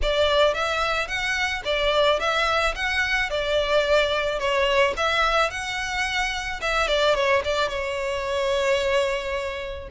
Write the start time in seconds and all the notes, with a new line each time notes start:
0.02 D5
0.54 E5
1.07 F#5
1.64 D5
2.19 E5
2.75 F#5
3.30 D5
4.39 C#5
4.96 E5
5.50 F#5
6.61 E5
6.87 D5
7.15 C#5
7.44 D5
7.68 C#5